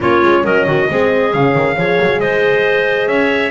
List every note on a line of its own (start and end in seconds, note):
0.00 0.22 A#3
0.00 0.88 C#4
0.00 0.44 F4
0.00 0.45 C#5
0.22 0.44 G#3
0.44 0.66 F#3
0.44 0.66 A#4
0.44 1.33 D#5
0.66 0.88 D#3
0.66 0.88 F#4
0.89 1.34 G#3
0.89 1.33 C4
0.89 1.76 G#4
1.33 1.55 C#3
1.33 1.77 C#4
1.33 2.20 F5
1.55 1.76 D#3
1.76 1.98 F3
1.76 3.51 G#4
1.76 2.20 C#5
2.01 2.19 F#3
2.19 3.06 G#3
2.19 3.09 C5
2.19 3.07 D#5
3.06 3.50 C#4
3.06 3.51 C#5
3.06 3.51 E5